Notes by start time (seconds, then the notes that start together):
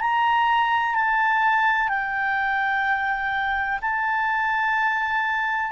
0.00 A#5
0.95 A5
1.88 G5
3.81 A5